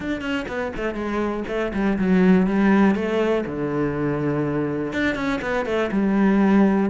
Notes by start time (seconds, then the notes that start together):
0.00 D4
0.21 C#4
0.48 B3
0.76 A3
0.94 G#3
1.47 A3
1.73 G3
1.98 F#3
2.46 G3
2.95 A3
3.46 D3
4.92 D4
5.15 C#4
5.41 B3
5.65 A3
5.91 G3